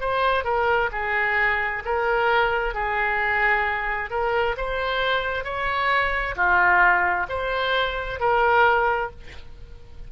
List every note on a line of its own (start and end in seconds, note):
0.00 0.44 C5
0.44 0.90 A#4
0.92 1.83 G#4
1.85 2.74 A#4
2.74 4.10 G#4
4.10 4.56 A#4
4.57 5.44 C5
5.44 6.35 C#5
6.36 7.26 F4
7.29 8.19 C5
8.19 9.10 A#4